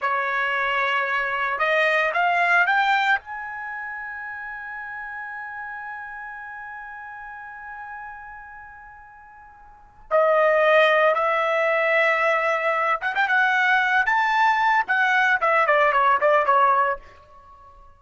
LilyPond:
\new Staff \with { instrumentName = "trumpet" } { \time 4/4 \tempo 4 = 113 cis''2. dis''4 | f''4 g''4 gis''2~ | gis''1~ | gis''1~ |
gis''2. dis''4~ | dis''4 e''2.~ | e''8 fis''16 g''16 fis''4. a''4. | fis''4 e''8 d''8 cis''8 d''8 cis''4 | }